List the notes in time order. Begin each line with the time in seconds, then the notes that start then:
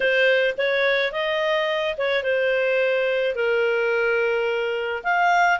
0.00 C5
0.57 C#5
1.11 D#5
1.97 C#5
2.23 C5
3.35 A#4
5.03 F5